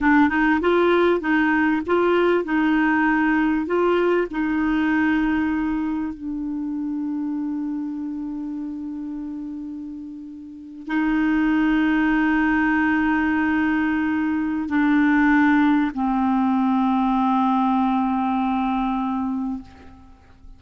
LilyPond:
\new Staff \with { instrumentName = "clarinet" } { \time 4/4 \tempo 4 = 98 d'8 dis'8 f'4 dis'4 f'4 | dis'2 f'4 dis'4~ | dis'2 d'2~ | d'1~ |
d'4.~ d'16 dis'2~ dis'16~ | dis'1 | d'2 c'2~ | c'1 | }